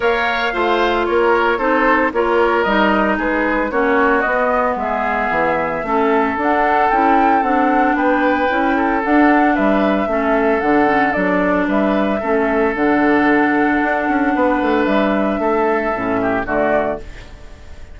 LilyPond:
<<
  \new Staff \with { instrumentName = "flute" } { \time 4/4 \tempo 4 = 113 f''2 cis''4 c''4 | cis''4 dis''4 b'4 cis''4 | dis''4 e''2. | fis''4 g''4 fis''4 g''4~ |
g''4 fis''4 e''2 | fis''4 d''4 e''2 | fis''1 | e''2. d''4 | }
  \new Staff \with { instrumentName = "oboe" } { \time 4/4 cis''4 c''4 ais'4 a'4 | ais'2 gis'4 fis'4~ | fis'4 gis'2 a'4~ | a'2. b'4~ |
b'8 a'4. b'4 a'4~ | a'2 b'4 a'4~ | a'2. b'4~ | b'4 a'4. g'8 fis'4 | }
  \new Staff \with { instrumentName = "clarinet" } { \time 4/4 ais'4 f'2 dis'4 | f'4 dis'2 cis'4 | b2. cis'4 | d'4 e'4 d'2 |
e'4 d'2 cis'4 | d'8 cis'8 d'2 cis'4 | d'1~ | d'2 cis'4 a4 | }
  \new Staff \with { instrumentName = "bassoon" } { \time 4/4 ais4 a4 ais4 c'4 | ais4 g4 gis4 ais4 | b4 gis4 e4 a4 | d'4 cis'4 c'4 b4 |
cis'4 d'4 g4 a4 | d4 fis4 g4 a4 | d2 d'8 cis'8 b8 a8 | g4 a4 a,4 d4 | }
>>